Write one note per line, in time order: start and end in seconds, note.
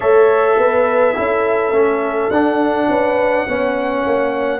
0.00 0.57 A3
0.00 1.15 A4
0.00 0.56 C#5
0.00 2.30 E5
0.57 1.14 B3
0.57 1.16 B4
1.15 1.71 C#4
1.15 1.73 E4
1.15 2.88 A4
1.71 2.29 A3
1.71 2.30 C#4
2.30 2.87 D4
2.30 3.47 D4
2.30 4.60 F#5
2.88 3.46 C#4
2.88 3.46 B4
3.47 4.05 B3
3.47 4.60 C#4
3.47 4.60 C#5
4.06 4.60 A#3